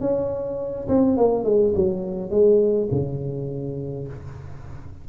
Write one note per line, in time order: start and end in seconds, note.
0.00 0.87 C#4
0.88 1.17 C4
1.17 1.44 A#3
1.44 1.73 G#3
1.75 2.30 F#3
2.30 2.88 G#3
2.91 4.08 C#3